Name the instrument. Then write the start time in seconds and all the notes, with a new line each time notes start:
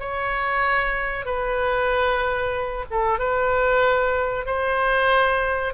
oboe
0.00 C#5
1.26 B4
2.91 A4
3.19 B4
4.46 C5